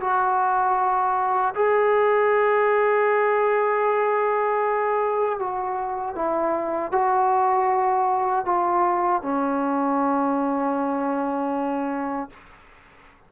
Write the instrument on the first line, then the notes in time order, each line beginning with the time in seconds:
trombone
0.00 F#4
1.55 G#4
5.39 F#4
6.15 E4
6.92 F#4
8.45 F4
9.22 C#4